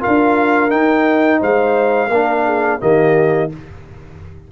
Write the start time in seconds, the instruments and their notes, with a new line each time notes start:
0.00 trombone F4, horn A#4, trumpet F5
0.07 tuba D4
0.70 trombone D#4, tuba D#4, trumpet G5
1.40 tuba G#3, horn C5, trumpet F5
2.09 tuba A#3, trombone D4, horn A#4
2.45 horn G#4
2.80 tuba D#3, trombone A#3, horn G4, trumpet D#5